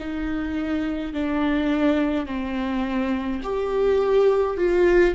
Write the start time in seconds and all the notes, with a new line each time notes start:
0.00 D#4
1.13 D4
2.27 C4
3.43 G4
4.57 F4